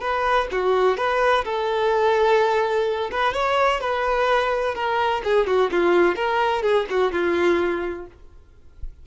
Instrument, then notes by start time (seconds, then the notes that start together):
violin
0.00 B4
0.51 F#4
0.97 B4
1.45 A4
3.11 B4
3.33 C#5
3.80 B4
4.74 A#4
5.24 G#4
5.47 F#4
5.71 F4
6.15 A#4
6.62 G#4
6.90 F#4
7.12 F4